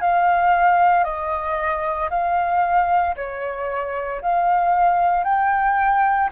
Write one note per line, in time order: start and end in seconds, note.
0.00 1.03 F5
1.03 2.09 D#5
2.10 3.15 F5
3.16 4.21 C#5
4.21 5.23 F5
5.23 6.29 G5